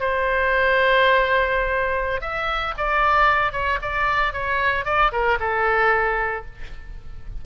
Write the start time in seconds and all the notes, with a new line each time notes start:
0.00 C5
2.22 E5
2.78 D5
3.53 C#5
3.82 D5
4.33 C#5
4.85 D5
5.12 A#4
5.40 A4